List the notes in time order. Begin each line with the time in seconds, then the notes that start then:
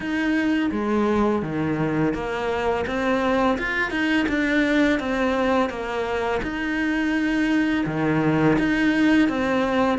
0.00 D#4
0.71 G#3
1.42 D#3
2.14 A#3
2.86 C4
3.58 F4
3.90 D#4
4.28 D4
4.99 C4
5.69 A#3
6.42 D#4
7.86 D#3
8.58 D#4
9.29 C4